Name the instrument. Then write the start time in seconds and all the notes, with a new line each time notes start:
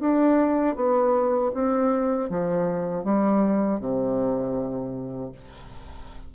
bassoon
0.00 D4
0.76 B3
1.54 C4
2.30 F3
3.04 G3
3.80 C3